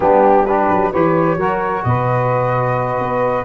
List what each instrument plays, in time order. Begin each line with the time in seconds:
0.00 tuba G3, trombone B3, saxophone D4, flute G4
0.45 trombone D4, saxophone G4, flute B4
0.69 tuba F#3
0.91 tuba E3, trombone G4, saxophone B4, flute C#5
1.36 tuba F#3, trombone F#4, saxophone A#4
1.83 tuba B2, saxophone B4, flute D#5
2.98 tuba B3